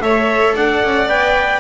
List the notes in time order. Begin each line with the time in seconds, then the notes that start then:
0.00 A3 A4 C#5 E5
0.55 D4 D5 F#5
0.83 C#4
1.08 B3 B4 G5